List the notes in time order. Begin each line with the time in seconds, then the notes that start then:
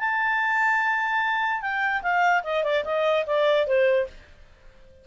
0.00 A5
1.62 G5
2.03 F5
2.44 D#5
2.64 D5
2.85 D#5
3.27 D5
3.67 C5